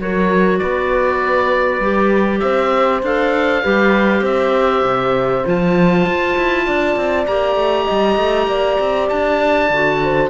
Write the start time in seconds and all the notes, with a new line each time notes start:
0.00 F#3 F#4 A#4 C#5
0.59 B3 B4 D5
1.80 G3 G4
2.40 C4 C5 E5
3.03 D4 A4 F5
3.63 G3 G4 B4
4.22 C4 C5 E5
4.83 C3
5.45 F3 F4 A5
6.06 F4
6.37 E4
6.67 D4 D5
6.96 C4
7.27 A#3 G4 A#5
7.56 A3
7.86 G3 D#5
8.18 A3
8.47 A#3 D5
8.80 C4
9.09 D4 A5
9.70 D3 F#4
10.04 C5